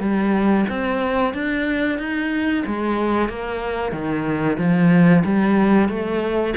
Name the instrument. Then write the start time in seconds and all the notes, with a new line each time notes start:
cello
0.00 G3
0.69 C4
1.34 D4
1.98 D#4
2.66 G#3
3.29 A#3
3.92 D#3
4.58 F3
5.24 G3
5.89 A3